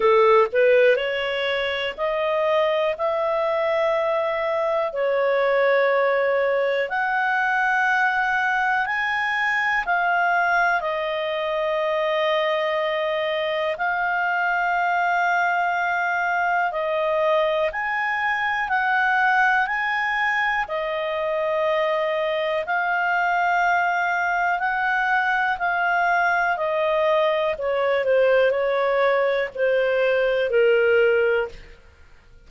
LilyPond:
\new Staff \with { instrumentName = "clarinet" } { \time 4/4 \tempo 4 = 61 a'8 b'8 cis''4 dis''4 e''4~ | e''4 cis''2 fis''4~ | fis''4 gis''4 f''4 dis''4~ | dis''2 f''2~ |
f''4 dis''4 gis''4 fis''4 | gis''4 dis''2 f''4~ | f''4 fis''4 f''4 dis''4 | cis''8 c''8 cis''4 c''4 ais'4 | }